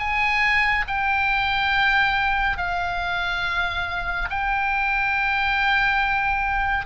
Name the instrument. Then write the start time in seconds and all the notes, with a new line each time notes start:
oboe
0.00 G#5
0.88 G5
2.58 F5
4.30 G5